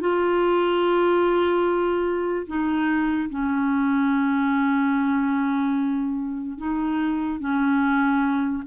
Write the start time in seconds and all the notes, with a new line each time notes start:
0.00 F4
2.47 D#4
3.30 C#4
6.58 D#4
7.40 C#4